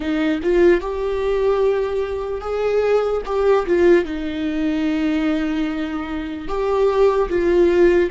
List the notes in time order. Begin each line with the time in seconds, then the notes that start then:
0.00 D#4
0.42 F4
0.80 G4
2.40 G#4
3.25 G4
3.66 F4
4.05 D#4
6.48 G4
7.29 F4